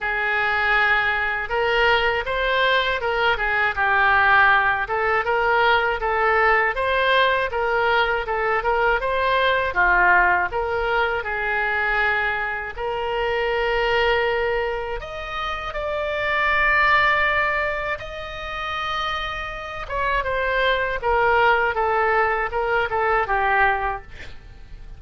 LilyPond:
\new Staff \with { instrumentName = "oboe" } { \time 4/4 \tempo 4 = 80 gis'2 ais'4 c''4 | ais'8 gis'8 g'4. a'8 ais'4 | a'4 c''4 ais'4 a'8 ais'8 | c''4 f'4 ais'4 gis'4~ |
gis'4 ais'2. | dis''4 d''2. | dis''2~ dis''8 cis''8 c''4 | ais'4 a'4 ais'8 a'8 g'4 | }